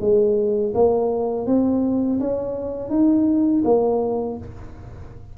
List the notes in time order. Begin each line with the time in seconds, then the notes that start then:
0.00 G#3
0.74 A#3
1.46 C4
2.20 C#4
2.90 D#4
3.65 A#3